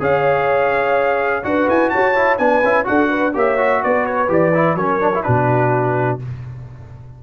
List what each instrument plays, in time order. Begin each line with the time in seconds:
0.00 tuba C#4, trombone G#4, horn C#5, trumpet F5
1.43 tuba D4, trombone F#4, horn B4, trumpet F#5
1.69 tuba E4, trumpet G#5
1.90 tuba F#4, horn C#5, trumpet A5
2.15 trombone E4
2.38 tuba B3, trombone D4, horn B4, trumpet G#5
2.63 tuba C#4, trombone E4
2.85 tuba D4, trombone F#4, horn A4, trumpet F#5
3.10 horn B4
3.33 tuba A#3, trombone G4, horn C#5, trumpet E5
3.58 trombone F#4
3.83 tuba B3, horn B4, trumpet D5
4.06 trumpet C#5
4.28 tuba E3, trombone G4, trumpet D5
4.54 trombone E4
4.75 tuba F#3, trombone C#4, horn A#4, trumpet C#5
5.01 trombone D4
5.14 trombone E4
5.23 tuba B2, trombone D4, horn F#4, trumpet B4